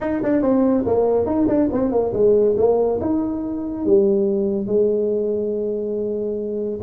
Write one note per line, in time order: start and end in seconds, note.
0.01 0.22 D#4
0.22 0.42 D4
0.42 0.84 C4
0.86 1.26 A#3
1.26 1.47 D#4
1.47 1.68 D4
1.72 1.91 C4
1.91 2.13 A#3
2.13 2.55 G#3
2.57 2.99 A#3
3.01 3.85 D#4
3.85 4.67 G3
4.67 6.79 G#3